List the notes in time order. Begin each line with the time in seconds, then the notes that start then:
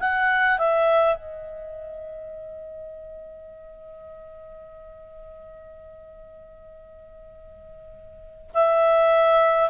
0.00 F#5
0.59 E5
1.16 D#5
8.54 E5